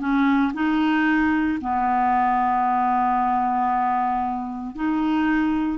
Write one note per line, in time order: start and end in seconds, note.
0.00 0.53 C#4
0.54 1.59 D#4
1.61 4.76 B3
4.76 5.78 D#4